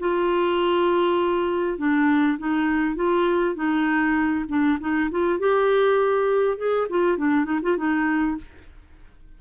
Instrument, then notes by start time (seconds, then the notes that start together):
clarinet
0.00 F4
1.78 D4
2.39 D#4
2.96 F4
3.56 D#4
4.49 D4
4.80 D#4
5.11 F4
5.39 G4
6.58 G#4
6.90 F4
7.18 D4
7.45 D#4
7.63 F4
7.78 D#4